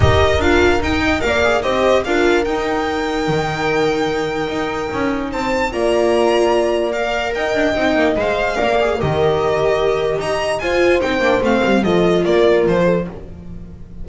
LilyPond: <<
  \new Staff \with { instrumentName = "violin" } { \time 4/4 \tempo 4 = 147 dis''4 f''4 g''4 f''4 | dis''4 f''4 g''2~ | g''1~ | g''4 a''4 ais''2~ |
ais''4 f''4 g''2 | f''2 dis''2~ | dis''4 ais''4 gis''4 g''4 | f''4 dis''4 d''4 c''4 | }
  \new Staff \with { instrumentName = "horn" } { \time 4/4 ais'2~ ais'8 dis''8 d''4 | c''4 ais'2.~ | ais'1~ | ais'4 c''4 d''2~ |
d''2 dis''2~ | dis''4 d''4 ais'2~ | ais'4 dis''4 c''2~ | c''4 a'4 ais'4. a'8 | }
  \new Staff \with { instrumentName = "viola" } { \time 4/4 g'4 f'4 dis'4 ais'8 gis'8 | g'4 f'4 dis'2~ | dis'1~ | dis'2 f'2~ |
f'4 ais'2 dis'4 | c''4 ais'8 gis'8 g'2~ | g'2 f'4 dis'8 d'8 | c'4 f'2. | }
  \new Staff \with { instrumentName = "double bass" } { \time 4/4 dis'4 d'4 dis'4 ais4 | c'4 d'4 dis'2 | dis2. dis'4 | cis'4 c'4 ais2~ |
ais2 dis'8 d'8 c'8 ais8 | gis4 ais4 dis2~ | dis4 dis'4 f'4 c'8 ais8 | a8 g8 f4 ais4 f4 | }
>>